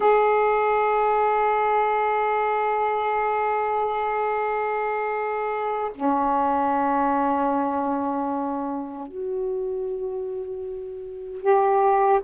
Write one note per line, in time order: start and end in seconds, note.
0.00 5.91 G#4
5.94 9.07 C#4
9.07 11.41 F#4
11.41 12.20 G4